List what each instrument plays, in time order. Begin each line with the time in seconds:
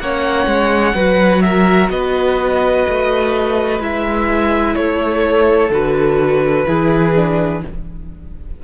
0.00 cello A#3, viola C#4, violin C#5 F#5
0.47 cello G#3
0.95 cello F#3, viola F#4, violin B4
1.42 violin A#4 E5
1.91 cello B3, violin B4 D#5
2.89 cello A3
3.80 cello G#3, viola E4, violin E5
4.76 cello A3, violin A4 C#5
5.70 cello D3, viola F#4, violin B4
6.67 cello E3, viola E4, violin G#4
7.16 viola D4